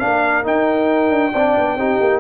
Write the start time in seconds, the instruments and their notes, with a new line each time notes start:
0.00 tuba A#3, trombone D4, horn A#4, trumpet F5
0.44 trombone D#4, tuba D#4, trumpet G5
1.10 tuba D4
1.33 tuba C4, trombone D4, horn D5
1.58 tuba B3
1.76 tuba C4, trombone D#4, horn G4
2.01 tuba A#3